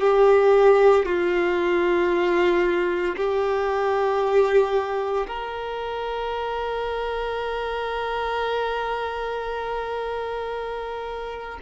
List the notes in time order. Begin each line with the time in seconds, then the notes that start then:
0.00 G4
1.05 F4
3.16 G4
5.27 A#4